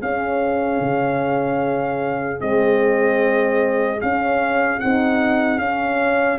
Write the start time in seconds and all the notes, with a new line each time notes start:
0.00 C#4 G#4 F5
0.80 C#3
2.39 G#3 C4 D#5
4.01 C#4 F5
4.79 C4 D#4 F#5
5.58 C#4 F5